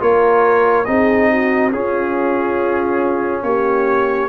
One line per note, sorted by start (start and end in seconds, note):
0.00 0.88 A#3
0.00 0.86 F4
0.00 0.87 A#4
0.00 0.85 C#5
0.85 1.73 C4
0.85 1.72 D#4
0.85 1.31 G#4
0.85 1.71 D#5
1.31 1.74 F#4
1.73 3.43 C#4
1.73 4.29 C#4
1.73 3.45 F4
1.73 3.43 G#4
3.43 4.29 A#3
3.43 4.29 G4
3.43 4.29 C#5